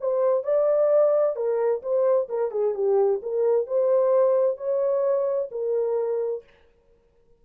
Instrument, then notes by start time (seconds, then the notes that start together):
horn
0.00 C5
0.43 D5
1.36 A#4
1.82 C5
2.28 A#4
2.51 G#4
2.74 G4
3.22 A#4
3.67 C5
4.57 C#5
5.51 A#4